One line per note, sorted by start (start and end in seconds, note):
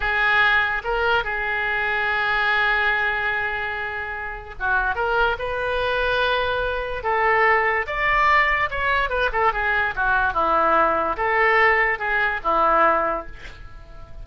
0.00 0.82 G#4
0.84 1.24 A#4
1.24 4.55 G#4
4.59 4.95 F#4
4.95 5.36 A#4
5.38 7.03 B4
7.03 7.86 A4
7.86 8.69 D5
8.70 9.09 C#5
9.09 9.30 B4
9.32 9.52 A4
9.52 9.94 G#4
9.95 10.33 F#4
10.33 11.16 E4
11.16 11.98 A4
11.98 12.40 G#4
12.43 13.26 E4